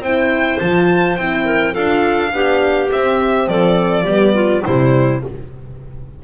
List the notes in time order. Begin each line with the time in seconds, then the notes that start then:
0.00 C4 E4 C5 G5
0.59 F3 F4 A5
1.16 C4 E4 G5
1.45 A#4
1.73 D4 F4 A4 F5
2.33 B3 D4 G4
2.91 C4 E5
3.47 F3 A4 D5
4.03 G3 B3 G4
4.34 F4
4.63 C3 G3 E4 C5